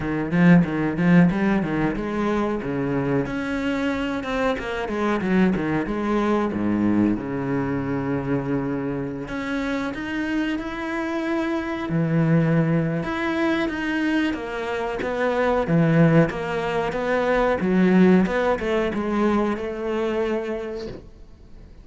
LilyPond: \new Staff \with { instrumentName = "cello" } { \time 4/4 \tempo 4 = 92 dis8 f8 dis8 f8 g8 dis8 gis4 | cis4 cis'4. c'8 ais8 gis8 | fis8 dis8 gis4 gis,4 cis4~ | cis2~ cis16 cis'4 dis'8.~ |
dis'16 e'2 e4.~ e16 | e'4 dis'4 ais4 b4 | e4 ais4 b4 fis4 | b8 a8 gis4 a2 | }